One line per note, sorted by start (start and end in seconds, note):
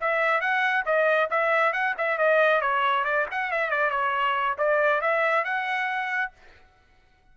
0.00 0.40 E5
0.40 0.84 F#5
0.86 1.29 D#5
1.30 1.73 E5
1.73 1.95 F#5
1.97 2.18 E5
2.18 2.61 D#5
2.61 3.04 C#5
3.04 3.26 D5
3.31 3.51 F#5
3.51 3.70 E5
3.70 3.90 D5
3.90 4.56 C#5
4.58 5.01 D5
5.01 5.44 E5
5.44 6.32 F#5